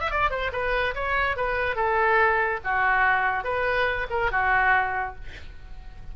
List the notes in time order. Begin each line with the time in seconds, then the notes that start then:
0.00 E5
0.11 D5
0.30 C5
0.52 B4
0.95 C#5
1.36 B4
1.76 A4
2.64 F#4
3.44 B4
4.10 A#4
4.31 F#4